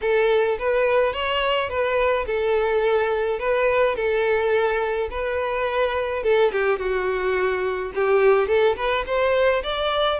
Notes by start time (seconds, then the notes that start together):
0.01 A4
0.58 B4
1.13 C#5
1.69 B4
2.26 A4
3.39 B4
3.95 A4
5.10 B4
6.23 A4
6.52 G4
6.78 F#4
7.95 G4
8.48 A4
8.76 B4
9.06 C5
9.63 D5